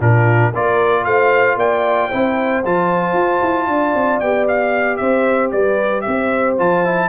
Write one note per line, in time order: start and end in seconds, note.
0.00 0.53 A#2
0.00 0.53 D4
0.00 0.52 F4
0.00 0.54 A#4
0.52 1.06 A#3
0.52 2.11 F4
0.52 1.04 A#4
0.52 1.05 D5
1.05 1.56 A3
1.05 1.57 C5
1.05 1.57 F5
1.56 2.09 A#3
1.56 2.09 D5
1.56 2.64 G5
2.10 2.65 C4
2.10 2.64 E4
2.10 3.67 C5
2.65 3.13 F3
2.65 4.23 F4
2.65 4.20 A5
3.13 3.40 F4
3.42 3.67 E4
3.67 3.94 D4
3.67 5.00 D5
3.94 4.20 C4
4.20 5.00 B3
4.20 6.58 G4
4.20 4.46 G5
4.48 4.97 F5
4.97 5.52 C4
4.97 5.52 C5
4.97 5.49 E5
5.52 6.05 G3
5.52 6.04 B4
5.52 6.01 D5
6.01 6.59 C4
6.01 7.09 C5
6.01 6.54 E5
6.58 7.09 F3
6.58 6.84 F4
6.58 7.09 A5
6.84 7.09 E4